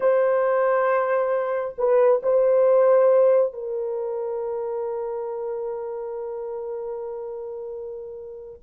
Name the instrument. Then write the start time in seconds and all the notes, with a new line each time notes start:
horn
0.00 C5
1.78 B4
2.22 C5
3.53 A#4